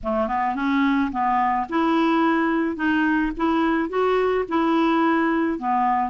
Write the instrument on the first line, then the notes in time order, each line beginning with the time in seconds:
clarinet
0.03 A3
0.27 B3
0.55 C#4
1.11 B3
1.69 E4
2.76 D#4
3.36 E4
3.89 F#4
4.48 E4
5.58 B3